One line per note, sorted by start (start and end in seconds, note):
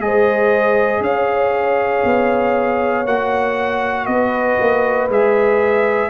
0.00 1.01 G#3
0.00 3.06 G#4
0.00 1.03 C5
0.00 1.03 D#5
1.01 2.03 C#4
1.01 4.08 C#5
1.01 3.07 F5
2.04 3.06 B3
3.06 4.07 A#3
3.06 5.10 F#4
3.06 4.06 F#5
4.06 4.58 B3
4.06 6.11 B4
4.06 5.08 D#5
4.60 5.09 A#3
5.09 6.11 G#3
5.09 6.11 G#4
5.09 6.11 E5